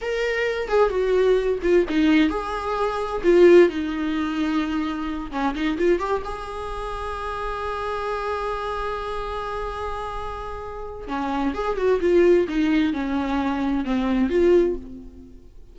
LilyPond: \new Staff \with { instrumentName = "viola" } { \time 4/4 \tempo 4 = 130 ais'4. gis'8 fis'4. f'8 | dis'4 gis'2 f'4 | dis'2.~ dis'8 cis'8 | dis'8 f'8 g'8 gis'2~ gis'8~ |
gis'1~ | gis'1 | cis'4 gis'8 fis'8 f'4 dis'4 | cis'2 c'4 f'4 | }